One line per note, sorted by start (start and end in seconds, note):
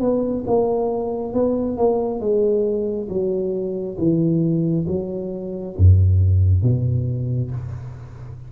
0.00 0.44 B3
0.47 1.34 A#3
1.34 1.77 B3
1.77 2.20 A#3
2.20 3.08 G#3
3.09 3.97 F#3
3.98 4.86 E3
4.88 5.76 F#3
5.77 6.63 F#2
6.63 7.51 B2